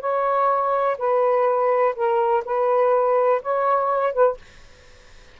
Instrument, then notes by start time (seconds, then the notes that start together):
saxophone
0.00 C#5
0.98 B4
1.95 A#4
2.45 B4
3.42 C#5
4.13 B4